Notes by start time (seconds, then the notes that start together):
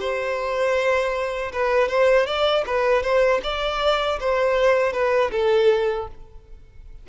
0.00 C5
1.53 B4
1.89 C5
2.27 D5
2.67 B4
3.03 C5
3.43 D5
4.20 C5
4.93 B4
5.32 A4